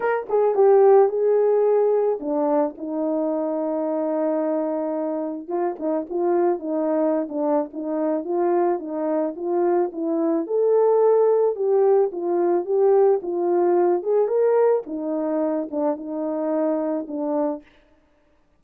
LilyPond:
\new Staff \with { instrumentName = "horn" } { \time 4/4 \tempo 4 = 109 ais'8 gis'8 g'4 gis'2 | d'4 dis'2.~ | dis'2 f'8 dis'8 f'4 | dis'4~ dis'16 d'8. dis'4 f'4 |
dis'4 f'4 e'4 a'4~ | a'4 g'4 f'4 g'4 | f'4. gis'8 ais'4 dis'4~ | dis'8 d'8 dis'2 d'4 | }